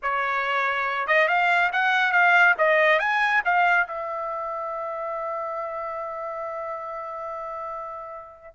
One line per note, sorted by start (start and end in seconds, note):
0.02 1.07 C#5
1.07 1.28 D#5
1.28 1.70 F5
1.72 2.11 F#5
2.11 2.54 F5
2.57 2.99 D#5
2.99 3.41 G#5
3.44 3.87 F5
3.87 8.54 E5